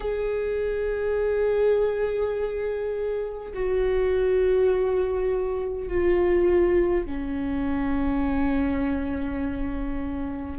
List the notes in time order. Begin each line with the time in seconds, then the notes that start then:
0.00 G#4
3.53 F#4
5.88 F4
7.05 C#4